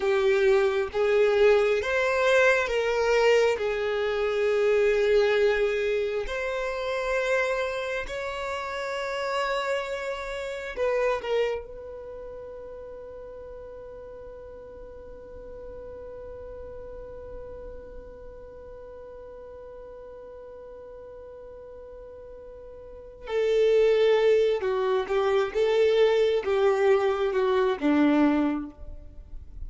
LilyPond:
\new Staff \with { instrumentName = "violin" } { \time 4/4 \tempo 4 = 67 g'4 gis'4 c''4 ais'4 | gis'2. c''4~ | c''4 cis''2. | b'8 ais'8 b'2.~ |
b'1~ | b'1~ | b'2 a'4. fis'8 | g'8 a'4 g'4 fis'8 d'4 | }